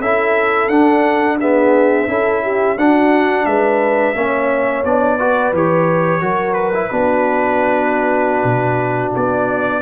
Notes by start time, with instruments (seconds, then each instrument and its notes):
0.00 tuba C#4, trombone E4, horn A4, trumpet E5
0.69 tuba D4, trombone D4, trumpet F#5
1.40 trombone B3, horn G#4, trumpet E5
2.08 tuba C#4, trombone E4, horn A4
2.43 horn G4
2.77 tuba D4, trombone D4, horn F#4, trumpet F#5
3.46 tuba G#3, horn B4, trumpet E5
4.15 tuba A#3, trombone C#4, horn C#5
4.85 tuba B3, trombone D4, trumpet D5
5.18 trombone F#4, horn B4
5.53 tuba E3, trombone G4, trumpet C#5
6.21 tuba F#3, trombone F#4, horn A#4
6.53 trumpet B4
6.74 trombone E4
6.91 tuba B3, trombone D4, horn F#4
8.44 tuba B2
9.16 tuba B3, trumpet D5